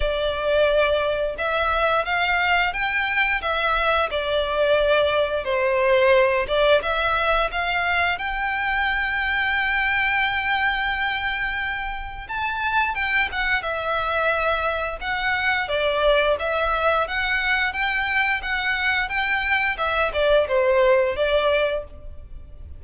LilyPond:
\new Staff \with { instrumentName = "violin" } { \time 4/4 \tempo 4 = 88 d''2 e''4 f''4 | g''4 e''4 d''2 | c''4. d''8 e''4 f''4 | g''1~ |
g''2 a''4 g''8 fis''8 | e''2 fis''4 d''4 | e''4 fis''4 g''4 fis''4 | g''4 e''8 d''8 c''4 d''4 | }